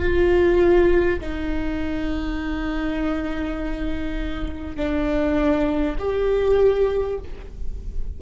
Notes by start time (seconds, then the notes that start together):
0.00 F4
1.20 D#4
4.76 D4
5.98 G4